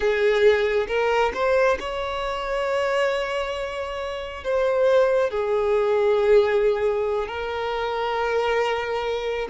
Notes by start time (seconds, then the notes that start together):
0.00 G#4
0.87 A#4
1.34 C5
1.79 C#5
4.44 C5
5.30 G#4
7.28 A#4